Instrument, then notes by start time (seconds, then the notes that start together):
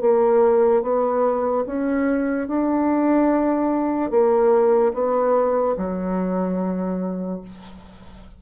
bassoon
0.00 A#3
0.82 B3
1.66 C#4
2.47 D4
4.10 A#3
4.93 B3
5.77 F#3